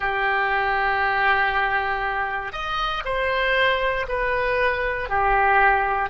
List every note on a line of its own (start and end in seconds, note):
0.00 2.52 G4
2.52 3.03 D#5
3.04 4.06 C5
4.08 5.09 B4
5.09 6.09 G4